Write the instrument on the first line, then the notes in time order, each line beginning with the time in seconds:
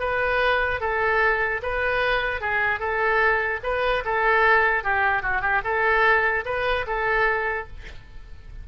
oboe
0.00 B4
0.81 A4
1.63 B4
2.41 G#4
2.80 A4
3.64 B4
4.05 A4
4.84 G4
5.23 F#4
5.42 G4
5.64 A4
6.46 B4
6.87 A4